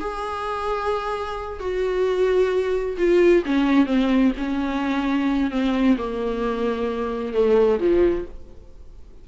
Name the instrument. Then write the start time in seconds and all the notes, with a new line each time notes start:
viola
0.00 G#4
1.59 F#4
2.98 F4
3.46 C#4
3.86 C4
4.37 C#4
5.51 C4
5.98 A#3
7.33 A3
7.80 F3